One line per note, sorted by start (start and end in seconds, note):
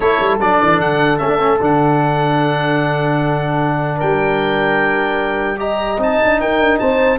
0.00 0.19 A3
0.00 0.39 E4
0.00 3.97 A4
0.00 0.36 C#5
0.19 0.39 G3
0.39 0.59 F#3
0.39 1.19 D4
0.39 0.80 D5
0.62 0.79 E3
0.79 1.19 D3
0.79 1.18 F#5
1.18 1.61 A3
1.18 1.28 C#4
1.18 1.58 E5
1.28 1.38 D4
1.39 1.59 C#4
1.61 4.01 D3
1.61 5.57 D4
1.61 3.99 F#5
3.97 5.98 G3
3.97 5.57 A#4
3.97 5.59 G5
5.57 5.97 G4
5.57 6.40 D#5
5.57 5.99 A#5
5.98 6.18 C4
5.98 7.18 D#4
5.98 6.41 A5
6.24 6.39 D4
6.39 6.59 D#4
6.39 6.80 A#4
6.39 6.78 G5
6.59 6.79 D4
6.78 7.19 C4
6.78 7.19 C5
6.78 7.18 A5